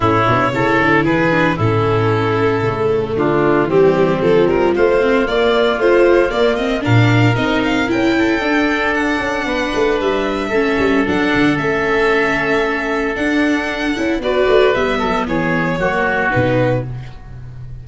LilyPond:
<<
  \new Staff \with { instrumentName = "violin" } { \time 4/4 \tempo 4 = 114 cis''2 b'4 a'4~ | a'2 f'4 g'4 | a'8 ais'8 c''4 d''4 c''4 | d''8 dis''8 f''4 dis''8 f''8 g''4~ |
g''4 fis''2 e''4~ | e''4 fis''4 e''2~ | e''4 fis''2 d''4 | e''4 cis''2 b'4 | }
  \new Staff \with { instrumentName = "oboe" } { \time 4/4 e'4 a'4 gis'4 e'4~ | e'2 d'4 c'4~ | c'4 f'2.~ | f'4 ais'2~ ais'8 a'8~ |
a'2 b'2 | a'1~ | a'2. b'4~ | b'8 a'8 gis'4 fis'2 | }
  \new Staff \with { instrumentName = "viola" } { \time 4/4 cis'8 d'8 e'4. d'8 cis'4~ | cis'4 a2 g4 | f4. c'8 ais4 f4 | ais8 c'8 d'4 dis'4 e'4 |
d'1 | cis'4 d'4 cis'2~ | cis'4 d'4. e'8 fis'4 | b2 ais4 dis'4 | }
  \new Staff \with { instrumentName = "tuba" } { \time 4/4 a,8 b,8 cis8 d8 e4 a,4~ | a,4 cis4 d4 e4 | f8 g8 a4 ais4 a4 | ais4 ais,4 c'4 cis'4 |
d'4. cis'8 b8 a8 g4 | a8 g8 fis8 d8 a2~ | a4 d'4. cis'8 b8 a8 | g8 fis8 e4 fis4 b,4 | }
>>